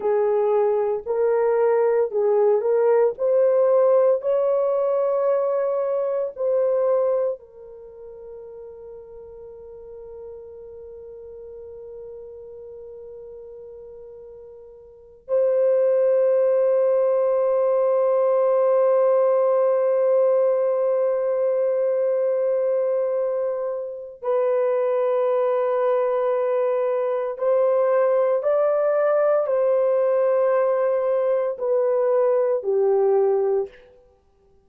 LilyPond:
\new Staff \with { instrumentName = "horn" } { \time 4/4 \tempo 4 = 57 gis'4 ais'4 gis'8 ais'8 c''4 | cis''2 c''4 ais'4~ | ais'1~ | ais'2~ ais'8 c''4.~ |
c''1~ | c''2. b'4~ | b'2 c''4 d''4 | c''2 b'4 g'4 | }